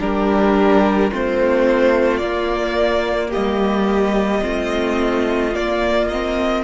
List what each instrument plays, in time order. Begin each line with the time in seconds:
0.00 cello G3, viola D4, violin G4 A#4
1.11 cello A3, viola C4, violin F4 C5
2.18 cello A#3, violin D5
2.24 viola A#3
3.30 violin G4 D#5
3.37 cello G3
4.42 cello A3, viola C4, violin F4
5.55 viola A#3, cello A#3, violin D5
6.09 viola C4, violin D#5